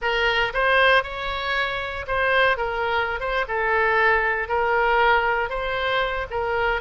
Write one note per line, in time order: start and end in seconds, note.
0.01 0.52 A#4
0.53 1.03 C5
1.03 2.06 C#5
2.07 2.57 C5
2.57 3.19 A#4
3.19 3.45 C5
3.48 4.48 A4
4.48 5.49 A#4
5.49 6.26 C5
6.30 6.81 A#4